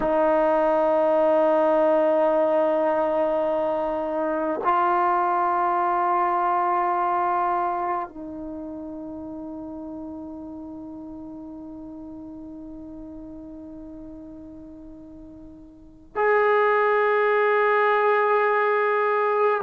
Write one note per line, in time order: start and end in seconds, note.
0.00 4.60 D#4
4.64 8.08 F4
8.08 16.15 D#4
16.15 19.62 G#4